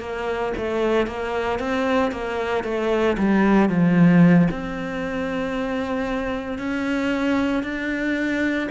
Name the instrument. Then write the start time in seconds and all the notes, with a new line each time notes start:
cello
0.00 A#3
0.57 A3
1.07 A#3
1.59 C4
2.11 A#3
2.64 A3
3.18 G3
3.69 F3
4.51 C4
6.58 C#4
7.63 D4